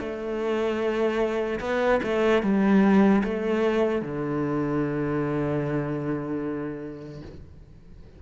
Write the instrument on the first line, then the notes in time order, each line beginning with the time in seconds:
cello
0.00 A3
1.60 B3
2.04 A3
2.43 G3
3.24 A3
4.02 D3